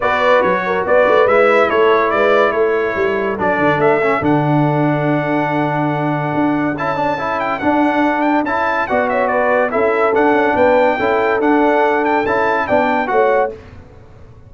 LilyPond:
<<
  \new Staff \with { instrumentName = "trumpet" } { \time 4/4 \tempo 4 = 142 d''4 cis''4 d''4 e''4 | cis''4 d''4 cis''2 | d''4 e''4 fis''2~ | fis''1 |
a''4. g''8 fis''4. g''8 | a''4 fis''8 e''8 d''4 e''4 | fis''4 g''2 fis''4~ | fis''8 g''8 a''4 g''4 fis''4 | }
  \new Staff \with { instrumentName = "horn" } { \time 4/4 b'4. ais'8 b'2 | a'4 b'4 a'2~ | a'1~ | a'1~ |
a'1~ | a'4 d''8 cis''8 b'4 a'4~ | a'4 b'4 a'2~ | a'2 d''4 cis''4 | }
  \new Staff \with { instrumentName = "trombone" } { \time 4/4 fis'2. e'4~ | e'1 | d'4. cis'8 d'2~ | d'1 |
e'8 d'8 e'4 d'2 | e'4 fis'2 e'4 | d'2 e'4 d'4~ | d'4 e'4 d'4 fis'4 | }
  \new Staff \with { instrumentName = "tuba" } { \time 4/4 b4 fis4 b8 a8 gis4 | a4 gis4 a4 g4 | fis8 d8 a4 d2~ | d2. d'4 |
cis'2 d'2 | cis'4 b2 cis'4 | d'8 cis'8 b4 cis'4 d'4~ | d'4 cis'4 b4 a4 | }
>>